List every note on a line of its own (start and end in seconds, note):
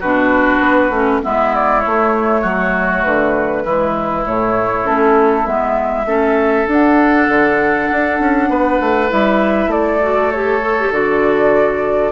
0.00 0.60 B2
0.00 0.93 D4
0.00 1.21 F#4
0.00 1.21 B4
0.60 0.90 B3
0.90 1.20 A3
0.90 1.22 C#4
1.22 1.85 G#3
1.22 1.82 B3
1.22 2.41 E4
1.22 1.55 E5
1.55 1.81 D5
1.81 3.66 A3
1.81 2.43 A3
1.81 3.02 C#5
2.41 3.04 F#3
2.41 3.62 F#4
3.02 3.64 D3
3.02 4.23 B4
3.64 4.25 E3
3.64 4.26 G#3
3.64 6.07 E4
4.26 4.86 A2
4.26 4.84 A3
4.26 4.86 C#5
4.84 5.46 A3
4.84 5.44 C#4
4.84 5.46 A4
5.44 6.06 G#3
5.44 6.04 B3
5.44 6.67 E5
6.06 6.66 A3
6.06 6.67 C#4
6.06 8.49 A4
6.67 7.28 D4
6.67 9.09 D4
6.67 9.12 F#5
7.28 7.89 D3
7.92 8.19 D4
8.19 8.49 C#4
8.49 8.79 B3
8.49 9.71 B4
8.80 9.10 A3
9.09 9.67 G3
9.09 9.99 E4
9.09 9.71 E5
9.67 10.88 A3
9.67 12.12 A4
9.67 10.31 D5
10.02 10.32 F#4
10.31 10.61 G4
10.31 10.92 C#5
10.61 10.76 A4
10.79 10.92 G4
10.92 12.12 D3
10.92 12.12 F#4
10.92 12.12 D5